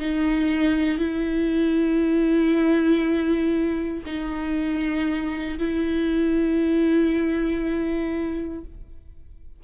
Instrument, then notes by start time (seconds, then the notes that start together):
viola
0.00 D#4
0.98 E4
4.06 D#4
5.59 E4